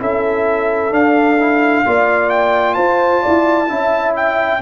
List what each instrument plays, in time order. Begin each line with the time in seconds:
0.00 tuba C#4, trombone E4, horn A4, trumpet E5
0.91 trombone D4, tuba D4, trumpet F5
1.40 trombone E4
1.86 tuba A#3, trombone F4, horn D5
2.30 trumpet G5
2.74 tuba F4, horn C5, trumpet A5
3.22 tuba E4, horn D5
3.69 tuba C#4, trombone E4, horn E5
4.16 trumpet G5